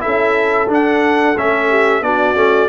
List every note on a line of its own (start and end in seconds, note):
0.00 0.67 E4
0.00 1.69 A4
0.00 0.68 E5
0.07 0.68 C#4
0.68 1.35 D4
0.68 1.36 D4
0.68 1.38 F#5
1.37 2.02 A3
1.37 2.02 C#4
1.37 2.03 E5
1.70 2.03 G4
2.02 2.35 B3
2.02 2.36 D4
2.02 2.69 F#4
2.02 2.69 D5
2.36 2.69 A3
2.36 2.69 C#4